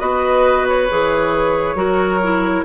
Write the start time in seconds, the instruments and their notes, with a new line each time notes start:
0.00 bassoon B3, clarinet F#4, oboe B4, flute D#5
0.69 flute C#5
0.91 bassoon E3, clarinet G#4
1.75 bassoon F#3, clarinet F#4, oboe A#4
2.23 clarinet E4